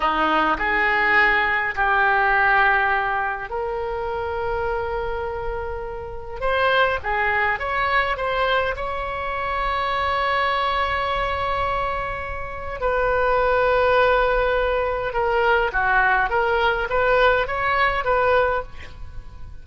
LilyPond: \new Staff \with { instrumentName = "oboe" } { \time 4/4 \tempo 4 = 103 dis'4 gis'2 g'4~ | g'2 ais'2~ | ais'2. c''4 | gis'4 cis''4 c''4 cis''4~ |
cis''1~ | cis''2 b'2~ | b'2 ais'4 fis'4 | ais'4 b'4 cis''4 b'4 | }